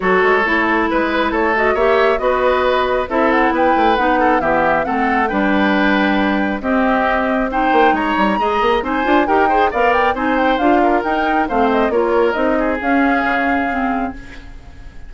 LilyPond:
<<
  \new Staff \with { instrumentName = "flute" } { \time 4/4 \tempo 4 = 136 cis''2 b'4 cis''8 dis''8 | e''4 dis''2 e''8 fis''8 | g''4 fis''4 e''4 fis''4 | g''2. dis''4~ |
dis''4 g''4 ais''2 | gis''4 g''4 f''8 g''8 gis''8 g''8 | f''4 g''4 f''8 dis''8 cis''4 | dis''4 f''2. | }
  \new Staff \with { instrumentName = "oboe" } { \time 4/4 a'2 b'4 a'4 | cis''4 b'2 a'4 | b'4. a'8 g'4 a'4 | b'2. g'4~ |
g'4 c''4 cis''4 dis''4 | c''4 ais'8 c''8 d''4 c''4~ | c''8 ais'4. c''4 ais'4~ | ais'8 gis'2.~ gis'8 | }
  \new Staff \with { instrumentName = "clarinet" } { \time 4/4 fis'4 e'2~ e'8 fis'8 | g'4 fis'2 e'4~ | e'4 dis'4 b4 c'4 | d'2. c'4~ |
c'4 dis'2 gis'4 | dis'8 f'8 g'8 gis'8 ais'4 dis'4 | f'4 dis'4 c'4 f'4 | dis'4 cis'2 c'4 | }
  \new Staff \with { instrumentName = "bassoon" } { \time 4/4 fis8 gis8 a4 gis4 a4 | ais4 b2 c'4 | b8 a8 b4 e4 a4 | g2. c'4~ |
c'4. ais8 gis8 g8 gis8 ais8 | c'8 d'8 dis'4 b4 c'4 | d'4 dis'4 a4 ais4 | c'4 cis'4 cis2 | }
>>